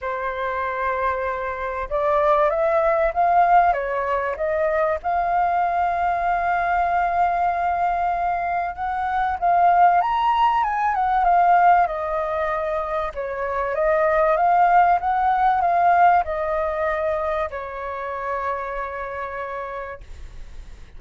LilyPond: \new Staff \with { instrumentName = "flute" } { \time 4/4 \tempo 4 = 96 c''2. d''4 | e''4 f''4 cis''4 dis''4 | f''1~ | f''2 fis''4 f''4 |
ais''4 gis''8 fis''8 f''4 dis''4~ | dis''4 cis''4 dis''4 f''4 | fis''4 f''4 dis''2 | cis''1 | }